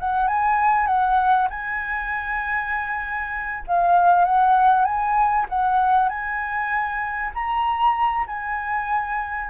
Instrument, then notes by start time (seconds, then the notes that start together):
flute
0.00 F#5
0.28 G#5
0.87 F#5
1.50 G#5
3.67 F5
4.25 F#5
4.85 G#5
5.49 F#5
6.09 G#5
7.35 A#5
8.27 G#5